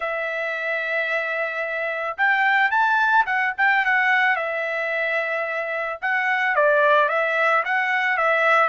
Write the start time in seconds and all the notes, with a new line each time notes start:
0.00 E5
2.17 G5
2.70 A5
3.26 F#5
3.57 G5
3.85 F#5
4.36 E5
6.01 F#5
6.55 D5
7.09 E5
7.65 F#5
8.17 E5